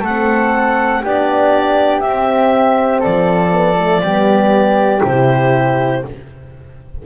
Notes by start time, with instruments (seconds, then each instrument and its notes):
0.00 double bass A3, flute A4, clarinet F#5
0.08 horn C4
1.02 double bass B3, horn D4, flute G4, clarinet D5
2.00 double bass C4, horn C4, clarinet E5
3.00 double bass F3, flute A4, clarinet D5
3.51 horn B3
3.77 horn A3
4.01 double bass G3, horn B3, flute G4
5.04 double bass C3, horn E4, clarinet C5